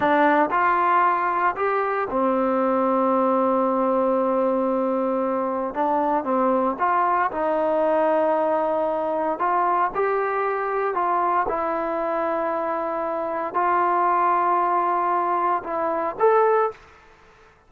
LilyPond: \new Staff \with { instrumentName = "trombone" } { \time 4/4 \tempo 4 = 115 d'4 f'2 g'4 | c'1~ | c'2. d'4 | c'4 f'4 dis'2~ |
dis'2 f'4 g'4~ | g'4 f'4 e'2~ | e'2 f'2~ | f'2 e'4 a'4 | }